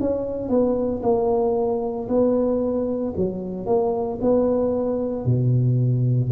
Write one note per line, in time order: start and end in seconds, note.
0.00 0.49 C#4
0.49 1.01 B3
1.02 2.08 A#3
2.08 3.13 B3
3.16 3.66 F#3
3.66 4.19 A#3
4.21 5.25 B3
5.25 6.30 B2